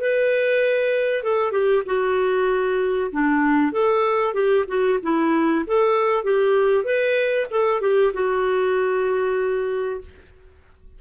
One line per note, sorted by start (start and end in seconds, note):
0.00 1.23 B4
1.23 1.51 A4
1.51 1.83 G4
1.86 3.11 F#4
3.12 3.72 D4
3.72 4.34 A4
4.34 4.65 G4
4.68 4.99 F#4
5.02 5.65 E4
5.66 6.24 A4
6.24 6.84 G4
6.84 7.46 B4
7.50 7.81 A4
7.81 8.12 G4
8.13 10.01 F#4